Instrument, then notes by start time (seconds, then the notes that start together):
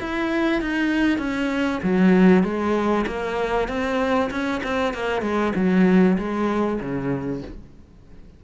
cello
0.00 E4
0.61 D#4
1.18 C#4
1.83 F#3
2.43 G#3
3.06 A#3
3.68 C4
4.30 C#4
4.63 C4
4.94 A#3
5.22 G#3
5.55 F#3
6.18 G#3
6.80 C#3